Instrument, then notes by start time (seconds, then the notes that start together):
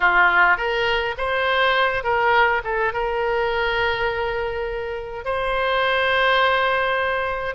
oboe
0.00 F4
0.57 A#4
1.17 C5
2.03 A#4
2.63 A4
2.93 A#4
5.25 C5